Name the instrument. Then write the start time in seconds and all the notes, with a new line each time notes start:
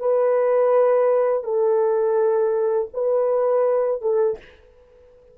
horn
0.00 B4
1.44 A4
2.94 B4
4.02 A4